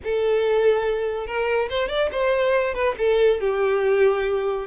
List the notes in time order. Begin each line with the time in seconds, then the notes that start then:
0.04 A4
1.26 A#4
1.69 C5
1.88 D5
2.12 C5
2.74 B4
2.98 A4
3.40 G4